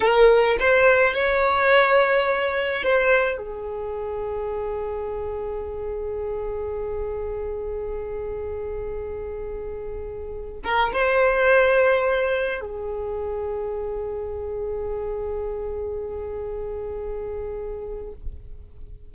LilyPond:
\new Staff \with { instrumentName = "violin" } { \time 4/4 \tempo 4 = 106 ais'4 c''4 cis''2~ | cis''4 c''4 gis'2~ | gis'1~ | gis'1~ |
gis'2~ gis'8. ais'8 c''8.~ | c''2~ c''16 gis'4.~ gis'16~ | gis'1~ | gis'1 | }